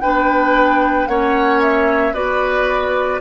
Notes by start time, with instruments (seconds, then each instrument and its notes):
0.00 bassoon B3, clarinet D4, oboe B4, flute G5
1.06 bassoon A#3, clarinet C#4, oboe C#5, flute F#5
1.61 flute E5
2.13 bassoon B3, clarinet F#4, oboe B4, flute D5